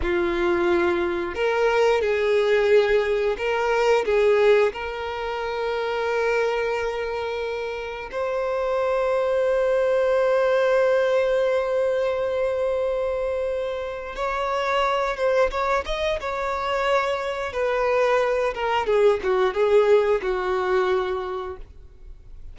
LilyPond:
\new Staff \with { instrumentName = "violin" } { \time 4/4 \tempo 4 = 89 f'2 ais'4 gis'4~ | gis'4 ais'4 gis'4 ais'4~ | ais'1 | c''1~ |
c''1~ | c''4 cis''4. c''8 cis''8 dis''8 | cis''2 b'4. ais'8 | gis'8 fis'8 gis'4 fis'2 | }